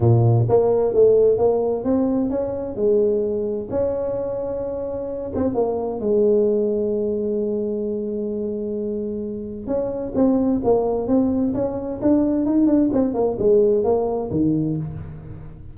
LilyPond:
\new Staff \with { instrumentName = "tuba" } { \time 4/4 \tempo 4 = 130 ais,4 ais4 a4 ais4 | c'4 cis'4 gis2 | cis'2.~ cis'8 c'8 | ais4 gis2.~ |
gis1~ | gis4 cis'4 c'4 ais4 | c'4 cis'4 d'4 dis'8 d'8 | c'8 ais8 gis4 ais4 dis4 | }